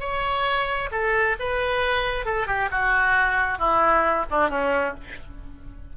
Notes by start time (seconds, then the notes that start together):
0.00 C#5
0.92 A4
1.40 B4
2.26 A4
2.47 G4
2.71 F#4
3.59 E4
4.31 D4
4.50 C#4